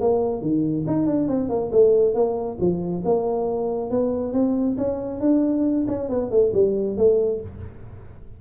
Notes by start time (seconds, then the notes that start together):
0.00 A#3
0.41 D#3
0.87 D#4
1.06 D4
1.28 C4
1.49 A#3
1.72 A3
2.14 A#3
2.60 F3
3.05 A#3
3.90 B3
4.33 C4
4.77 C#4
5.20 D4
5.88 C#4
6.09 B3
6.30 A3
6.54 G3
6.97 A3